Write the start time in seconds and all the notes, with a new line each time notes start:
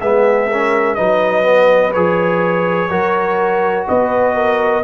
0.00 G#3 B3 G#4 E5
0.48 C#4 A#4
0.95 F#3 D#4 B4 D#5
1.43 B3
1.93 F3 G#4 C#5
2.90 F#3 F#4 A#4
3.88 B3 B4 D#5
4.35 A#4